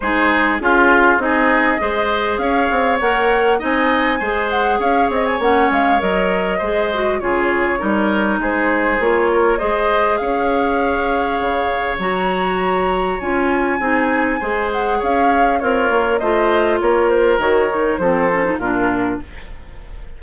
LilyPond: <<
  \new Staff \with { instrumentName = "flute" } { \time 4/4 \tempo 4 = 100 c''4 gis'4 dis''2 | f''4 fis''4 gis''4. fis''8 | f''8 dis''16 gis''16 fis''8 f''8 dis''2 | cis''2 c''4 cis''4 |
dis''4 f''2. | ais''2 gis''2~ | gis''8 fis''8 f''4 cis''4 dis''4 | cis''8 c''8 cis''4 c''4 ais'4 | }
  \new Staff \with { instrumentName = "oboe" } { \time 4/4 gis'4 f'4 gis'4 c''4 | cis''2 dis''4 c''4 | cis''2. c''4 | gis'4 ais'4 gis'4. ais'8 |
c''4 cis''2.~ | cis''2. gis'4 | c''4 cis''4 f'4 c''4 | ais'2 a'4 f'4 | }
  \new Staff \with { instrumentName = "clarinet" } { \time 4/4 dis'4 f'4 dis'4 gis'4~ | gis'4 ais'4 dis'4 gis'4~ | gis'4 cis'4 ais'4 gis'8 fis'8 | f'4 dis'2 f'4 |
gis'1 | fis'2 f'4 dis'4 | gis'2 ais'4 f'4~ | f'4 fis'8 dis'8 c'8 cis'16 dis'16 d'4 | }
  \new Staff \with { instrumentName = "bassoon" } { \time 4/4 gis4 cis'4 c'4 gis4 | cis'8 c'8 ais4 c'4 gis4 | cis'8 c'8 ais8 gis8 fis4 gis4 | cis4 g4 gis4 ais4 |
gis4 cis'2 cis4 | fis2 cis'4 c'4 | gis4 cis'4 c'8 ais8 a4 | ais4 dis4 f4 ais,4 | }
>>